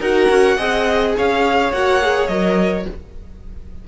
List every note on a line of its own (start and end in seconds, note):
0.00 0.29 D#4
0.00 0.58 F#4
0.00 0.57 A#4
0.00 1.15 F#5
0.29 0.57 C#4
0.57 1.15 C4
0.57 1.72 G#4
0.57 1.14 D#5
1.16 1.72 C#4
1.16 2.88 C#5
1.16 1.72 F5
1.72 2.28 A#3
1.72 2.01 F#4
1.72 2.27 F#5
2.01 2.29 G#4
2.27 2.85 F#3
2.27 2.86 A#4
2.27 2.85 D#5